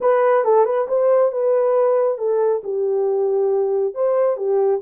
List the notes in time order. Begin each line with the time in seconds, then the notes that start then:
0.01 B4
0.44 A4
0.65 B4
0.88 C5
1.32 B4
2.18 A4
2.63 G4
3.94 C5
4.37 G4